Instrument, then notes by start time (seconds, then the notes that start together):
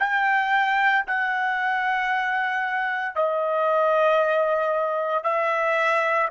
trumpet
0.00 G5
1.07 F#5
3.15 D#5
5.24 E5